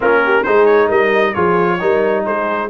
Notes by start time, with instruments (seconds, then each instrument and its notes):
0.00 tuba A#3, trombone C#4, horn F4, trumpet A#4
0.23 horn G4
0.43 tuba G#3, trombone D#4, horn G#4, trumpet C5
0.65 trumpet C#5
0.88 tuba G3, horn A#4, trumpet D#5
1.33 tuba F3, trombone F4, horn G#4, trumpet C#5
1.79 tuba G3, trombone D#4, horn A#4
2.25 tuba G#3, horn G#4, trumpet C5